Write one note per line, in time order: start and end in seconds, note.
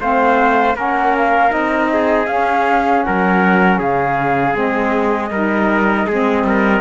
0.00 0.75 A3
0.00 0.75 C4
0.00 0.76 C5
0.00 0.77 F5
0.75 1.51 A#3
0.75 1.50 C#4
0.75 1.90 A#4
0.75 1.16 F#5
1.17 1.52 F5
1.50 2.27 C4
1.50 2.26 D#4
1.50 2.27 D#5
1.93 3.06 G#4
2.27 4.54 C#4
2.27 3.03 C#4
2.27 3.03 F5
3.03 3.79 F#3
3.03 3.79 A#4
3.03 3.79 F#5
3.79 4.54 C#3
3.79 5.31 G#4
3.79 4.57 F5
4.54 5.30 G#3
4.54 5.30 C4
4.54 6.80 D#5
5.30 6.06 G3
5.30 6.10 D#4
5.30 6.07 A#4
6.07 6.44 G#3
6.07 6.80 C4
6.07 6.45 G#4
6.44 6.80 G3
6.44 6.80 A#4